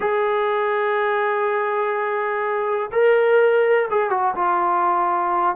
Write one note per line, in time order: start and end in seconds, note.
0.00 2.90 G#4
2.92 3.88 A#4
3.90 4.10 G#4
4.10 4.34 F#4
4.35 5.56 F4